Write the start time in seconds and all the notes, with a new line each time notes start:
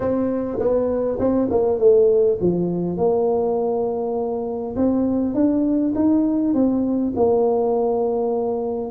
0.00 C4
0.59 B3
1.19 C4
1.50 A#3
1.78 A3
2.40 F3
2.97 A#3
4.76 C4
5.34 D4
5.95 D#4
6.53 C4
7.16 A#3